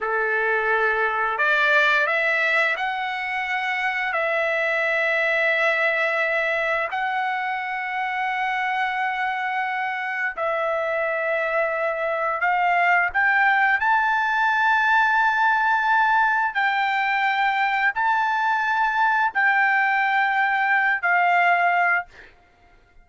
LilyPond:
\new Staff \with { instrumentName = "trumpet" } { \time 4/4 \tempo 4 = 87 a'2 d''4 e''4 | fis''2 e''2~ | e''2 fis''2~ | fis''2. e''4~ |
e''2 f''4 g''4 | a''1 | g''2 a''2 | g''2~ g''8 f''4. | }